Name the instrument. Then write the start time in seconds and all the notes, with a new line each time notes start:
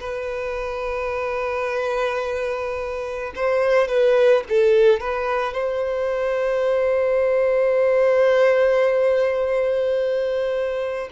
violin
0.00 B4
3.35 C5
3.88 B4
4.49 A4
5.01 B4
5.54 C5